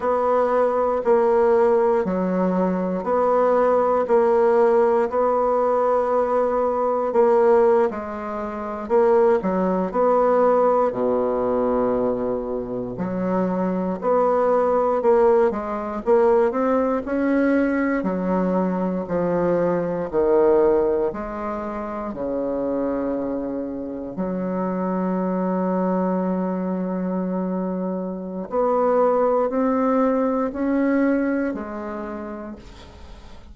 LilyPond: \new Staff \with { instrumentName = "bassoon" } { \time 4/4 \tempo 4 = 59 b4 ais4 fis4 b4 | ais4 b2 ais8. gis16~ | gis8. ais8 fis8 b4 b,4~ b,16~ | b,8. fis4 b4 ais8 gis8 ais16~ |
ais16 c'8 cis'4 fis4 f4 dis16~ | dis8. gis4 cis2 fis16~ | fis1 | b4 c'4 cis'4 gis4 | }